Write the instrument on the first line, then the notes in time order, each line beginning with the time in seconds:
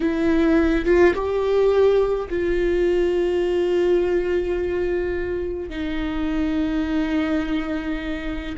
viola
0.00 E4
0.85 F4
1.14 G4
2.29 F4
5.69 D#4